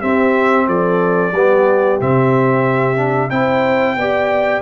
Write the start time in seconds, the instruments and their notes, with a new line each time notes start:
0.00 trombone C4, tuba C4, horn G4, trumpet E5
0.67 tuba F3, horn A4, trumpet D5
1.33 tuba G3, trombone B3, horn G4
2.01 tuba C3, trombone C4, trumpet E5
2.96 trombone D4
3.30 tuba C4, trombone E4, horn C5, trumpet G5
3.96 tuba B3, trombone G4, horn D5